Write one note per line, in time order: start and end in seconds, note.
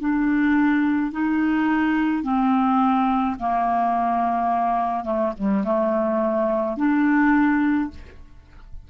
0.00 1.12 D4
1.12 2.23 D#4
2.23 3.37 C4
3.40 5.04 A#3
5.04 5.33 A3
5.38 5.64 G3
5.64 6.77 A3
6.77 7.90 D4